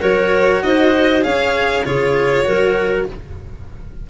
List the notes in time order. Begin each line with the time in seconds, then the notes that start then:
0.00 F#3 F#4 A#4 C#5
0.63 D#4 C5 D#5
1.22 C#4 G#4 C#5 F5
1.84 C#3 F4 G#4 C#5
2.45 F#3 F#4 A#4